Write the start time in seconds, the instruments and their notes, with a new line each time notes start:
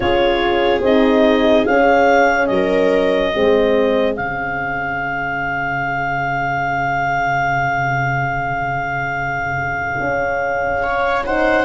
0.00 tuba C#4, horn F4, viola G#4, clarinet C#5
0.80 tuba C4, horn D#4, clarinet D#5
1.66 tuba C#4, horn C#4, clarinet F5
2.47 tuba F#3, viola A#4, clarinet D#5
3.33 tuba G#3, horn C4, viola G#4
4.16 tuba C#3, horn C#4, clarinet F5
9.99 tuba C#4
10.82 viola C#5
11.25 horn D#4, viola C5, clarinet F#5